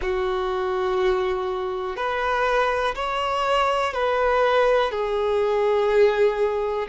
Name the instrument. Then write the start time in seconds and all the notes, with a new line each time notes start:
violin
0.01 F#4
1.96 B4
2.95 C#5
3.93 B4
4.91 G#4